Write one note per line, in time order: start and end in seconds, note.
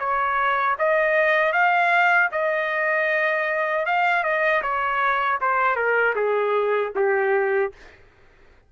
0.00 0.77 C#5
0.79 1.53 D#5
1.53 2.30 F5
2.32 3.86 D#5
3.86 4.24 F5
4.24 4.62 D#5
4.63 5.40 C#5
5.42 5.76 C5
5.76 6.15 A#4
6.16 6.93 G#4
6.96 7.73 G4